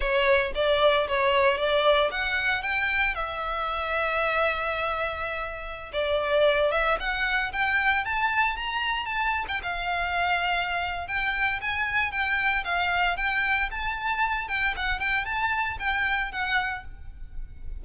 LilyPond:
\new Staff \with { instrumentName = "violin" } { \time 4/4 \tempo 4 = 114 cis''4 d''4 cis''4 d''4 | fis''4 g''4 e''2~ | e''2.~ e''16 d''8.~ | d''8. e''8 fis''4 g''4 a''8.~ |
a''16 ais''4 a''8. g''16 f''4.~ f''16~ | f''4 g''4 gis''4 g''4 | f''4 g''4 a''4. g''8 | fis''8 g''8 a''4 g''4 fis''4 | }